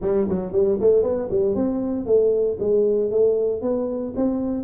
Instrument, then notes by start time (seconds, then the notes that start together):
tuba
0.01 G3
0.28 F#3
0.52 G3
0.80 A3
1.03 B3
1.30 G3
1.55 C4
2.05 A3
2.59 G#3
3.10 A3
3.61 B3
4.16 C4